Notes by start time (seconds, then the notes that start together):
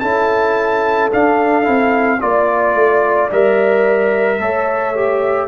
0.00 C#4 E4 A4 A5
1.12 D4 F5
1.64 C4 E4
2.21 A#3 F4 D5
2.75 A3
3.32 G3 A#4 E5
4.39 A3 A4 C#5
4.95 G4